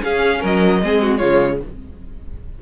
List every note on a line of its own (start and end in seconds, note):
0.00 0.80 C#4
0.00 0.43 C#4
0.00 0.40 G#4
0.00 0.43 F5
0.40 0.82 F#3
0.40 0.80 A#4
0.40 1.17 D#5
0.82 1.21 G#3
0.82 1.20 C4
0.82 1.02 G#4
1.02 1.18 F#4
1.17 1.61 C#3
1.17 1.60 G#3
1.17 1.58 F4
1.17 1.57 C#5